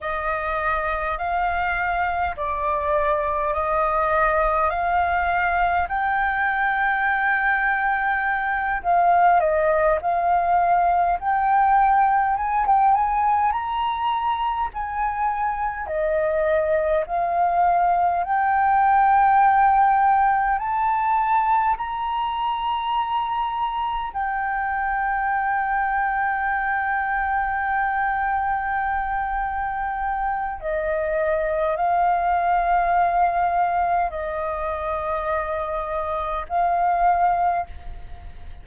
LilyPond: \new Staff \with { instrumentName = "flute" } { \time 4/4 \tempo 4 = 51 dis''4 f''4 d''4 dis''4 | f''4 g''2~ g''8 f''8 | dis''8 f''4 g''4 gis''16 g''16 gis''8 ais''8~ | ais''8 gis''4 dis''4 f''4 g''8~ |
g''4. a''4 ais''4.~ | ais''8 g''2.~ g''8~ | g''2 dis''4 f''4~ | f''4 dis''2 f''4 | }